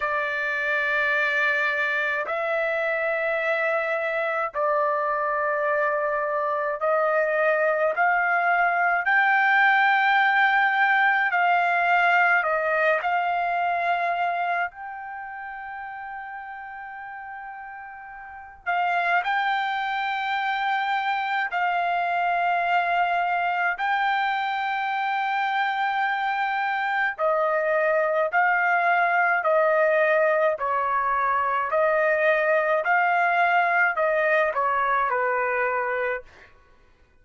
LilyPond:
\new Staff \with { instrumentName = "trumpet" } { \time 4/4 \tempo 4 = 53 d''2 e''2 | d''2 dis''4 f''4 | g''2 f''4 dis''8 f''8~ | f''4 g''2.~ |
g''8 f''8 g''2 f''4~ | f''4 g''2. | dis''4 f''4 dis''4 cis''4 | dis''4 f''4 dis''8 cis''8 b'4 | }